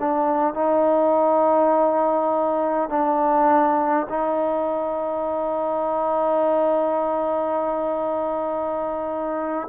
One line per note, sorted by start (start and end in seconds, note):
0.00 0.54 D4
0.54 2.89 D#4
2.89 4.07 D4
4.09 9.68 D#4